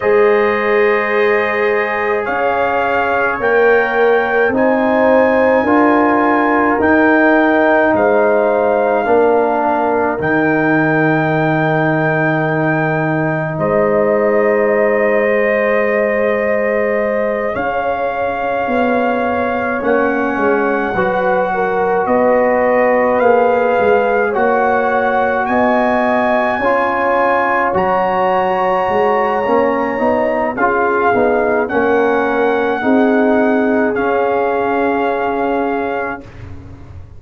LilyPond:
<<
  \new Staff \with { instrumentName = "trumpet" } { \time 4/4 \tempo 4 = 53 dis''2 f''4 g''4 | gis''2 g''4 f''4~ | f''4 g''2. | dis''2.~ dis''8 f''8~ |
f''4. fis''2 dis''8~ | dis''8 f''4 fis''4 gis''4.~ | gis''8 ais''2~ ais''8 f''4 | fis''2 f''2 | }
  \new Staff \with { instrumentName = "horn" } { \time 4/4 c''2 cis''2 | c''4 ais'2 c''4 | ais'1 | c''2.~ c''8 cis''8~ |
cis''2~ cis''8 b'8 ais'8 b'8~ | b'4. cis''4 dis''4 cis''8~ | cis''2. gis'4 | ais'4 gis'2. | }
  \new Staff \with { instrumentName = "trombone" } { \time 4/4 gis'2. ais'4 | dis'4 f'4 dis'2 | d'4 dis'2.~ | dis'4. gis'2~ gis'8~ |
gis'4. cis'4 fis'4.~ | fis'8 gis'4 fis'2 f'8~ | f'8 fis'4. cis'8 dis'8 f'8 dis'8 | cis'4 dis'4 cis'2 | }
  \new Staff \with { instrumentName = "tuba" } { \time 4/4 gis2 cis'4 ais4 | c'4 d'4 dis'4 gis4 | ais4 dis2. | gis2.~ gis8 cis'8~ |
cis'8 b4 ais8 gis8 fis4 b8~ | b8 ais8 gis8 ais4 b4 cis'8~ | cis'8 fis4 gis8 ais8 b8 cis'8 b8 | ais4 c'4 cis'2 | }
>>